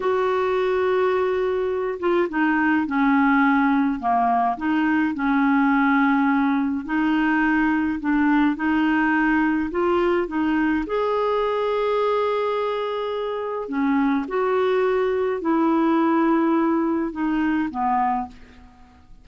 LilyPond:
\new Staff \with { instrumentName = "clarinet" } { \time 4/4 \tempo 4 = 105 fis'2.~ fis'8 f'8 | dis'4 cis'2 ais4 | dis'4 cis'2. | dis'2 d'4 dis'4~ |
dis'4 f'4 dis'4 gis'4~ | gis'1 | cis'4 fis'2 e'4~ | e'2 dis'4 b4 | }